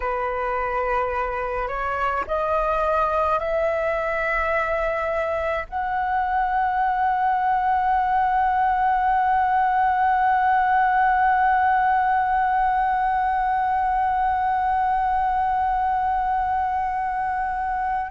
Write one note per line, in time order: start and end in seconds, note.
0.00 1.67 B4
1.67 2.24 C#5
2.27 3.39 D#5
3.39 5.65 E5
5.69 18.11 F#5